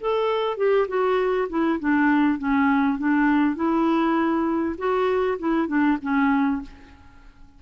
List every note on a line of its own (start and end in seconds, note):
0.00 0.57 A4
0.57 0.87 G4
0.88 1.48 F#4
1.49 1.79 E4
1.79 2.38 D4
2.38 2.98 C#4
2.98 3.55 D4
3.55 4.75 E4
4.78 5.38 F#4
5.38 5.67 E4
5.67 5.97 D4
6.02 6.62 C#4